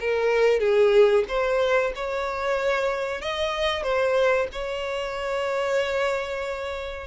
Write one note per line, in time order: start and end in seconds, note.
0.00 0.60 A#4
0.60 1.24 G#4
1.28 1.93 C5
1.95 3.21 C#5
3.21 3.83 D#5
3.83 4.48 C5
4.52 7.07 C#5